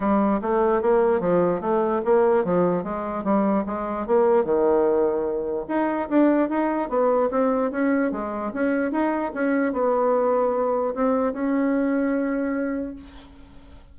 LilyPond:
\new Staff \with { instrumentName = "bassoon" } { \time 4/4 \tempo 4 = 148 g4 a4 ais4 f4 | a4 ais4 f4 gis4 | g4 gis4 ais4 dis4~ | dis2 dis'4 d'4 |
dis'4 b4 c'4 cis'4 | gis4 cis'4 dis'4 cis'4 | b2. c'4 | cis'1 | }